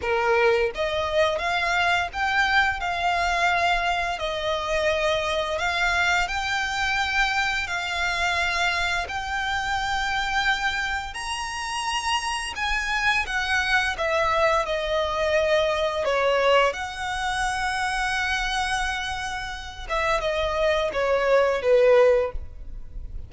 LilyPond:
\new Staff \with { instrumentName = "violin" } { \time 4/4 \tempo 4 = 86 ais'4 dis''4 f''4 g''4 | f''2 dis''2 | f''4 g''2 f''4~ | f''4 g''2. |
ais''2 gis''4 fis''4 | e''4 dis''2 cis''4 | fis''1~ | fis''8 e''8 dis''4 cis''4 b'4 | }